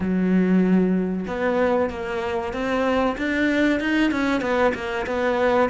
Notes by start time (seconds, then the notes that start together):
0.00 F#3
1.27 B3
1.89 A#3
2.53 C4
3.17 D4
3.80 D#4
4.11 C#4
4.41 B3
4.74 A#3
5.06 B3